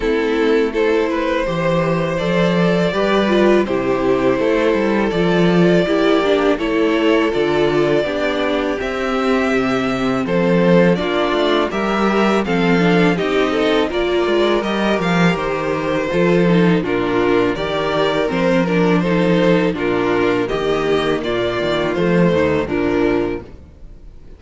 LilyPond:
<<
  \new Staff \with { instrumentName = "violin" } { \time 4/4 \tempo 4 = 82 a'4 c''2 d''4~ | d''4 c''2 d''4~ | d''4 cis''4 d''2 | e''2 c''4 d''4 |
e''4 f''4 dis''4 d''4 | dis''8 f''8 c''2 ais'4 | d''4 c''8 ais'8 c''4 ais'4 | dis''4 d''4 c''4 ais'4 | }
  \new Staff \with { instrumentName = "violin" } { \time 4/4 e'4 a'8 b'8 c''2 | b'4 g'4 a'2 | g'4 a'2 g'4~ | g'2 a'4 f'4 |
ais'4 a'4 g'8 a'8 ais'4~ | ais'2 a'4 f'4 | ais'2 a'4 f'4 | g'4 f'4. dis'8 d'4 | }
  \new Staff \with { instrumentName = "viola" } { \time 4/4 c'4 e'4 g'4 a'4 | g'8 f'8 e'2 f'4 | e'8 d'8 e'4 f'4 d'4 | c'2. d'4 |
g'4 c'8 d'8 dis'4 f'4 | g'2 f'8 dis'8 d'4 | g'4 c'8 d'8 dis'4 d'4 | ais2 a4 f4 | }
  \new Staff \with { instrumentName = "cello" } { \time 4/4 a2 e4 f4 | g4 c4 a8 g8 f4 | ais4 a4 d4 b4 | c'4 c4 f4 ais8 a8 |
g4 f4 c'4 ais8 gis8 | g8 f8 dis4 f4 ais,4 | dis4 f2 ais,4 | dis4 ais,8 dis8 f8 dis,8 ais,4 | }
>>